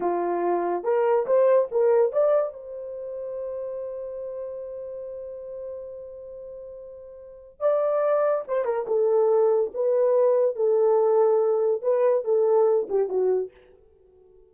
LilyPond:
\new Staff \with { instrumentName = "horn" } { \time 4/4 \tempo 4 = 142 f'2 ais'4 c''4 | ais'4 d''4 c''2~ | c''1~ | c''1~ |
c''2 d''2 | c''8 ais'8 a'2 b'4~ | b'4 a'2. | b'4 a'4. g'8 fis'4 | }